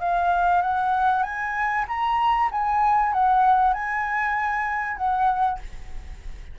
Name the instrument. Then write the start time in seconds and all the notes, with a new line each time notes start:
flute
0.00 F5
0.62 F#5
1.23 G#5
1.88 A#5
2.51 G#5
3.13 F#5
3.73 G#5
4.97 F#5